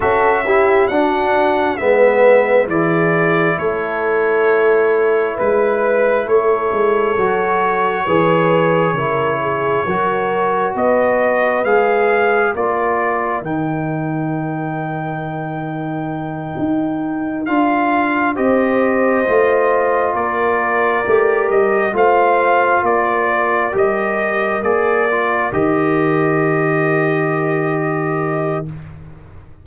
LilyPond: <<
  \new Staff \with { instrumentName = "trumpet" } { \time 4/4 \tempo 4 = 67 e''4 fis''4 e''4 d''4 | cis''2 b'4 cis''4~ | cis''1 | dis''4 f''4 d''4 g''4~ |
g''2.~ g''8 f''8~ | f''8 dis''2 d''4. | dis''8 f''4 d''4 dis''4 d''8~ | d''8 dis''2.~ dis''8 | }
  \new Staff \with { instrumentName = "horn" } { \time 4/4 a'8 g'8 fis'4 b'4 gis'4 | a'2 b'4 a'4~ | a'4 b'4 ais'8 gis'8 ais'4 | b'2 ais'2~ |
ais'1~ | ais'8 c''2 ais'4.~ | ais'8 c''4 ais'2~ ais'8~ | ais'1 | }
  \new Staff \with { instrumentName = "trombone" } { \time 4/4 fis'8 e'8 d'4 b4 e'4~ | e'1 | fis'4 gis'4 e'4 fis'4~ | fis'4 gis'4 f'4 dis'4~ |
dis'2.~ dis'8 f'8~ | f'8 g'4 f'2 g'8~ | g'8 f'2 g'4 gis'8 | f'8 g'2.~ g'8 | }
  \new Staff \with { instrumentName = "tuba" } { \time 4/4 cis'4 d'4 gis4 e4 | a2 gis4 a8 gis8 | fis4 e4 cis4 fis4 | b4 gis4 ais4 dis4~ |
dis2~ dis8 dis'4 d'8~ | d'8 c'4 a4 ais4 a8 | g8 a4 ais4 g4 ais8~ | ais8 dis2.~ dis8 | }
>>